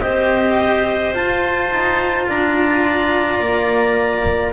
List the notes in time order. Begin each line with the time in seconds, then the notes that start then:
0.00 C4 G4 C5 D#5
1.13 F4 A5
1.70 D#4
2.28 D4 D5 A#5
3.39 A#3